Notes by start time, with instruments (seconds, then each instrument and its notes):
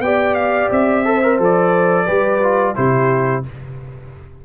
0.00 tuba B3, trombone G4, horn D5, trumpet G5
0.35 trumpet F5
0.71 tuba C4, trumpet E5
1.05 trombone A4, horn C5
1.23 trombone A#4
1.39 tuba F3, trombone A4, trumpet D5
2.06 tuba G3, trombone G4, horn B4
2.43 trombone F4
2.75 tuba C3, trombone E4, horn G4, trumpet C5